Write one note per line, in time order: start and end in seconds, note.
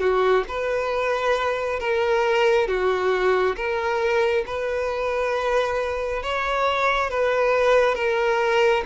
0.00 0.44 F#4
0.48 1.80 B4
1.80 2.68 A#4
2.68 3.56 F#4
3.56 4.44 A#4
4.46 6.23 B4
6.23 7.10 C#5
7.10 7.95 B4
7.95 8.83 A#4